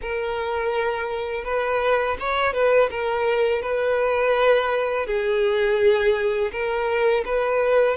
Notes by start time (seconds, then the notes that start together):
0.01 A#4
1.44 B4
2.19 C#5
2.53 B4
2.90 A#4
3.62 B4
5.06 G#4
6.52 A#4
7.25 B4